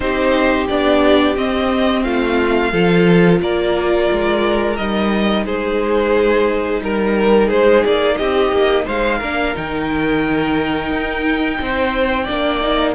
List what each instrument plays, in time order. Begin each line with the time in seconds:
0.00 cello C4, viola D#4, violin G4 C5
0.68 cello B3, viola D4, violin D5
1.36 viola C4, cello C4, violin D#5
2.03 cello A3, violin F4 F5
2.72 cello F3, viola F4, violin A4
3.41 cello A#3, violin A#4 D5
4.11 cello G#3
4.76 cello G3, viola D#4, violin D#5
5.45 cello G#3, violin G#4 C5
6.81 cello G3, violin A#4
7.47 cello G#3, violin G#4 C5
7.85 cello A#3, violin D5
8.17 cello C4, violin G4 D#5
8.52 cello A#3
8.85 cello G#3, violin C5 F5
9.18 cello A#3, viola D4, violin A#4
9.54 cello D#3, viola D#4, violin G5
10.90 cello D#4
11.60 cello C4, violin C5
12.24 cello A#3, viola D4, violin D5
12.60 viola D#4